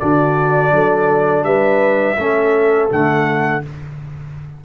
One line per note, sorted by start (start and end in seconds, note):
0.00 0.73 D3
0.00 2.17 D4
0.00 0.75 F#4
0.00 1.45 D5
0.73 1.44 F#3
0.73 1.47 A4
1.44 2.16 G3
1.44 2.18 B4
1.44 2.89 E5
2.18 2.91 A3
2.18 2.90 C#4
2.18 3.63 A4
2.91 3.64 D3
2.91 3.63 A3
2.91 3.65 F#5